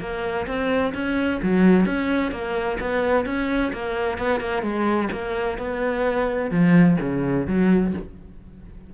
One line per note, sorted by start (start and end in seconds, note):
0.00 0.47 A#3
0.47 0.93 C4
0.94 1.41 C#4
1.42 1.86 F#3
1.86 2.32 C#4
2.32 2.78 A#3
2.80 3.26 B3
3.26 3.72 C#4
3.73 4.18 A#3
4.18 4.40 B3
4.40 4.62 A#3
4.62 5.09 G#3
5.12 5.58 A#3
5.58 6.51 B3
6.51 6.97 F3
7.00 7.47 C#3
7.47 7.93 F#3